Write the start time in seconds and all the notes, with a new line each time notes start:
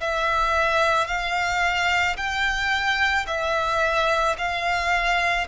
0.00 E5
1.07 F5
2.17 G5
3.27 E5
4.38 F5